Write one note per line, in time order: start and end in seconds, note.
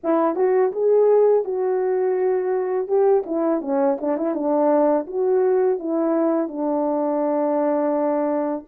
0.03 0.35 E4
0.35 0.71 F#4
0.72 1.44 G#4
1.44 2.87 F#4
2.87 3.23 G4
3.26 3.61 E4
3.61 3.97 C#4
4.00 4.17 D4
4.17 4.34 E4
4.34 5.06 D4
5.06 5.79 F#4
5.79 6.47 E4
6.47 8.64 D4